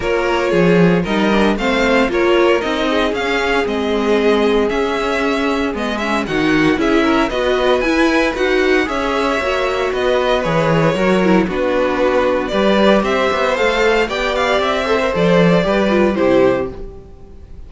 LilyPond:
<<
  \new Staff \with { instrumentName = "violin" } { \time 4/4 \tempo 4 = 115 cis''2 dis''4 f''4 | cis''4 dis''4 f''4 dis''4~ | dis''4 e''2 dis''8 e''8 | fis''4 e''4 dis''4 gis''4 |
fis''4 e''2 dis''4 | cis''2 b'2 | d''4 e''4 f''4 g''8 f''8 | e''4 d''2 c''4 | }
  \new Staff \with { instrumentName = "violin" } { \time 4/4 ais'4 gis'4 ais'4 c''4 | ais'4. gis'2~ gis'8~ | gis'1 | fis'4 gis'8 ais'8 b'2~ |
b'4 cis''2 b'4~ | b'4 ais'4 fis'2 | b'4 c''2 d''4~ | d''8 c''4. b'4 g'4 | }
  \new Staff \with { instrumentName = "viola" } { \time 4/4 f'2 dis'8 d'8 c'4 | f'4 dis'4 cis'4 c'4~ | c'4 cis'2 b8 cis'8 | dis'4 e'4 fis'4 e'4 |
fis'4 gis'4 fis'2 | gis'4 fis'8 e'8 d'2 | g'2 a'4 g'4~ | g'8 a'16 ais'16 a'4 g'8 f'8 e'4 | }
  \new Staff \with { instrumentName = "cello" } { \time 4/4 ais4 f4 g4 a4 | ais4 c'4 cis'4 gis4~ | gis4 cis'2 gis4 | dis4 cis'4 b4 e'4 |
dis'4 cis'4 ais4 b4 | e4 fis4 b2 | g4 c'8 b8 a4 b4 | c'4 f4 g4 c4 | }
>>